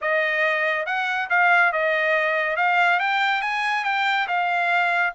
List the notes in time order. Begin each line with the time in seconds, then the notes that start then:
0.01 D#5
0.86 F#5
1.29 F5
1.72 D#5
2.56 F5
2.99 G5
3.41 G#5
3.84 G5
4.27 F5